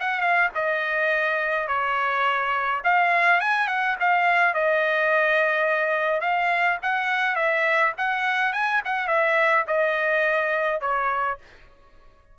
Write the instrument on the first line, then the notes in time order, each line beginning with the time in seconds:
trumpet
0.00 F#5
0.21 F5
0.55 D#5
1.68 C#5
2.84 F5
3.41 G#5
3.68 F#5
4.00 F5
4.54 D#5
6.21 F5
6.82 F#5
7.36 E5
7.97 F#5
8.53 G#5
8.85 F#5
9.08 E5
9.67 D#5
10.81 C#5